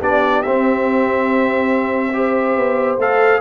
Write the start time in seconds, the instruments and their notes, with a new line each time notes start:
0.00 tuba B3, trombone D4, horn G4, trumpet D5
0.42 trombone C4, tuba C4, trumpet E5
2.13 trombone G4, horn C5
2.57 tuba B3
2.98 tuba A3, trombone A4, trumpet F5